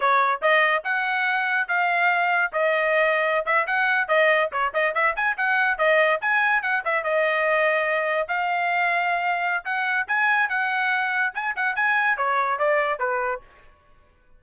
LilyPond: \new Staff \with { instrumentName = "trumpet" } { \time 4/4 \tempo 4 = 143 cis''4 dis''4 fis''2 | f''2 dis''2~ | dis''16 e''8 fis''4 dis''4 cis''8 dis''8 e''16~ | e''16 gis''8 fis''4 dis''4 gis''4 fis''16~ |
fis''16 e''8 dis''2. f''16~ | f''2. fis''4 | gis''4 fis''2 gis''8 fis''8 | gis''4 cis''4 d''4 b'4 | }